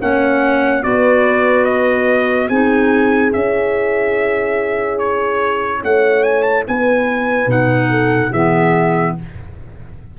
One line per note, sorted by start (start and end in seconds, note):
0.00 0.84 A#3
0.00 0.83 C#4
0.00 0.84 C#5
0.00 0.83 F#5
0.83 2.49 B3
0.83 2.49 F#4
0.83 2.48 B4
0.83 1.65 D5
1.65 2.48 D#5
2.48 3.32 C4
2.48 3.33 D#4
2.48 5.81 G#4
2.48 3.32 G#5
3.33 5.84 C#4
3.33 7.47 E4
3.33 4.99 E5
4.99 5.82 C#5
5.82 6.67 A3
5.82 6.65 C#5
5.82 6.23 F#5
6.23 6.43 G#5
6.43 6.63 A5
6.67 7.47 B3
6.67 7.90 B4
6.67 7.51 G#5
7.47 8.30 B2
7.47 8.30 D#4
7.47 8.33 F#5
7.90 8.31 A4
8.31 9.16 E3
8.31 9.19 B3
8.31 9.14 G#4
8.31 9.16 E5